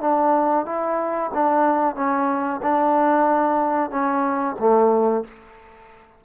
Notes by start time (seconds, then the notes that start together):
0.00 D4
0.65 E4
1.33 D4
1.95 C#4
2.62 D4
3.90 C#4
4.59 A3